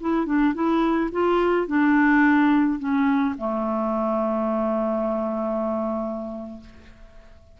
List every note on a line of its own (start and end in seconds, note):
0.00 0.25 E4
0.25 0.54 D4
0.54 1.10 E4
1.12 1.67 F4
1.67 2.79 D4
2.79 3.35 C#4
3.37 6.60 A3